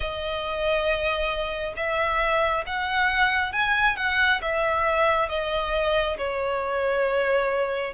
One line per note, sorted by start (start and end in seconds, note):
0.00 1.73 D#5
1.76 2.64 E5
2.66 3.52 F#5
3.52 3.96 G#5
3.96 4.40 F#5
4.41 5.29 E5
5.29 6.17 D#5
6.17 7.93 C#5